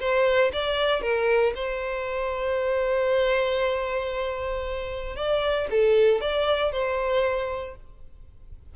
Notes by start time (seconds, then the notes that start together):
0.00 C5
0.53 D5
1.02 A#4
1.55 C5
5.16 D5
5.71 A4
6.21 D5
6.72 C5